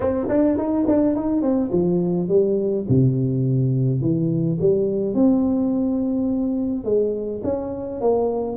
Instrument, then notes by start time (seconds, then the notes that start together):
tuba
0.00 C4
0.29 D4
0.57 D#4
0.87 D4
1.15 D#4
1.41 C4
1.71 F3
2.28 G3
2.89 C3
4.01 E3
4.60 G3
5.14 C4
6.84 G#3
7.43 C#4
8.00 A#3